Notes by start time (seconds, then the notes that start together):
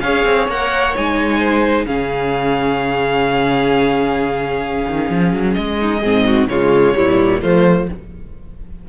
0.00 C#4 G#4 C#5 F5
0.24 C4
0.47 A#3 A#4 F#5
0.94 G#3 D#4 G#5
1.39 C5
1.85 C#3 C#4 G#4 F5
4.86 D#3
5.10 F3
5.33 F#3
5.53 G#3 D#5
5.80 D#4
6.00 G#2 C4 G#4
6.26 F#4
6.47 C#3 G#3 F4 C#5
6.94 A#2 G3 E4
7.41 F3 A3 F4 C5